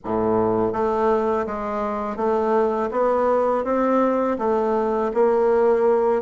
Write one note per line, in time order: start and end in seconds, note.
0.04 0.72 A2
0.72 1.45 A3
1.46 2.16 G#3
2.16 2.89 A3
2.91 3.64 B3
3.64 4.37 C4
4.38 5.11 A3
5.14 6.22 A#3